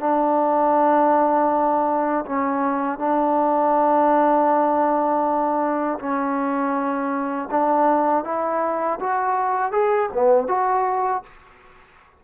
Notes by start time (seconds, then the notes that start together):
0.00 D4
2.26 C#4
2.99 D4
5.99 C#4
7.51 D4
8.24 E4
9.00 F#4
9.72 G#4
10.14 B3
10.48 F#4